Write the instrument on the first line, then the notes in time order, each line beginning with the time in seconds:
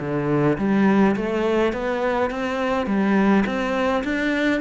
cello
0.00 D3
0.58 G3
1.16 A3
1.73 B3
2.31 C4
2.86 G3
3.46 C4
4.04 D4